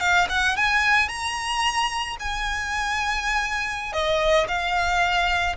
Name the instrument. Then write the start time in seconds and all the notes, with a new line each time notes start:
violin
0.00 F5
0.29 F#5
0.56 G#5
1.08 A#5
2.19 G#5
3.93 D#5
4.48 F5